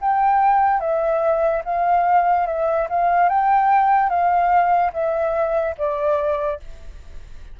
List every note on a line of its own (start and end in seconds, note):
0.00 0.80 G5
0.80 1.62 E5
1.64 2.46 F5
2.46 2.87 E5
2.89 3.28 F5
3.28 4.09 G5
4.09 4.91 F5
4.93 5.75 E5
5.77 6.59 D5